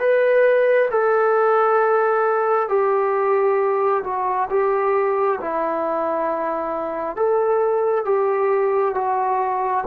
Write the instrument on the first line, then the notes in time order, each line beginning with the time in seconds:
trombone
0.00 B4
0.91 A4
2.69 G4
4.04 F#4
4.51 G4
5.41 E4
7.17 A4
8.06 G4
8.95 F#4